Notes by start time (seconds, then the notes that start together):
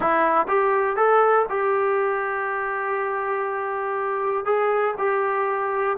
0.00 E4
0.48 G4
0.96 A4
1.49 G4
4.45 G#4
4.98 G4